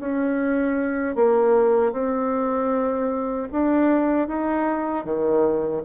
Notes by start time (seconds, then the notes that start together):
0.00 C#4
1.16 A#3
1.93 C4
3.52 D4
4.28 D#4
5.05 D#3